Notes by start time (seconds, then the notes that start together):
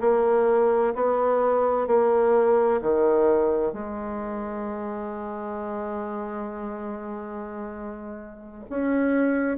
0.00 A#3
0.95 B3
1.87 A#3
2.81 D#3
3.72 G#3
8.69 C#4